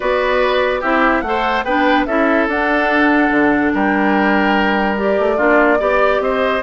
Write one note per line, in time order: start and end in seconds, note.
0.00 0.83 B3
0.00 0.83 F#4
0.00 0.80 B4
0.00 0.81 D5
0.80 1.22 C4
0.80 1.24 E4
0.80 1.21 G4
0.80 1.21 E5
1.21 1.63 A3
1.21 1.66 A4
1.21 1.62 F#5
1.28 1.64 C5
1.64 2.06 B3
1.64 2.08 D4
1.64 2.06 B4
1.64 2.05 G5
2.06 2.47 C#4
2.06 2.49 E4
2.06 3.72 A4
2.06 2.47 E5
2.47 3.30 D4
2.47 4.96 D4
2.47 3.74 F#5
3.30 3.71 D3
3.73 5.18 G3
3.73 5.36 A#4
3.73 4.97 G5
4.96 5.37 G4
4.96 6.21 D5
5.18 5.39 A3
5.36 5.79 A#3
5.36 5.78 D4
5.36 5.78 F4
5.79 6.19 B3
5.79 6.61 G4
5.79 6.21 D5
6.19 6.61 C4
6.19 6.63 C5
6.19 6.63 D#5